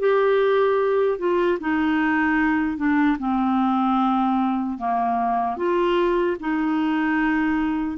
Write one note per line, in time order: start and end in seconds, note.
0.00 1.19 G4
1.19 1.59 F4
1.60 2.77 D#4
2.77 3.17 D4
3.19 4.79 C4
4.79 5.57 A#3
5.57 6.37 F4
6.40 7.98 D#4